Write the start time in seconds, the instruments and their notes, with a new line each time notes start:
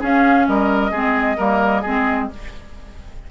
0.00 clarinet C#4, bassoon C#4, oboe G#4, flute F5
0.48 bassoon G3, oboe A#4, flute D#5
0.92 bassoon G#3, clarinet C4, oboe G#4
1.37 bassoon G3, clarinet A#3, oboe A#4
1.82 bassoon G#3, clarinet C4, oboe G#4